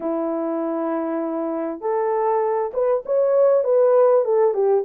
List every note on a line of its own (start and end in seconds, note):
0.00 1.80 E4
1.80 2.71 A4
2.73 3.03 B4
3.05 3.64 C#5
3.64 4.24 B4
4.24 4.54 A4
4.54 4.84 G4